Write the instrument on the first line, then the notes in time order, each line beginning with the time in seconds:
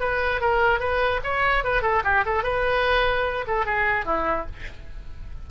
oboe
0.00 B4
0.41 A#4
0.80 B4
1.24 C#5
1.64 B4
1.82 A4
2.04 G4
2.26 A4
2.43 B4
3.47 A4
3.65 G#4
4.05 E4